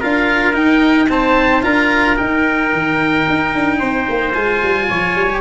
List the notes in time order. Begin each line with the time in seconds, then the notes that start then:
0.00 D4 F4 A#4 F5
0.53 D#4 G5
1.09 C4 C5 A5
1.62 D4 F4 A#4 A#5
2.16 D#4 G5
2.72 D#3
3.29 D#4
3.55 D4
3.79 C4 C5
4.09 A#3
4.34 G#3 F4 G#5
4.63 G3
4.89 F3 C#5
5.15 G3
5.29 G4